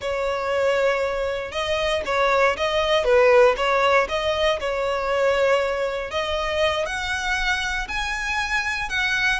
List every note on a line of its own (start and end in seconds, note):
0.01 1.51 C#5
1.51 2.02 D#5
2.05 2.56 C#5
2.57 3.04 D#5
3.04 3.55 B4
3.56 4.07 C#5
4.08 4.59 D#5
4.59 6.10 C#5
6.10 6.86 D#5
6.86 7.87 F#5
7.88 8.89 G#5
8.89 9.40 F#5